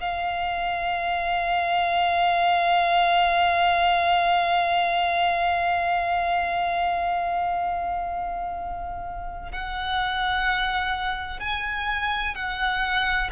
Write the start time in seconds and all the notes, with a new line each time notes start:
0.00 F5
9.52 F#5
11.39 G#5
12.35 F#5